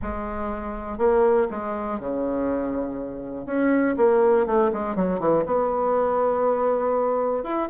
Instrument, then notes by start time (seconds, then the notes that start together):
bassoon
0.02 G#3
0.98 A#3
1.50 G#3
1.99 C#3
3.46 C#4
3.96 A#3
4.46 A3
4.72 G#3
4.95 F#3
5.19 E3
5.45 B3
7.43 E4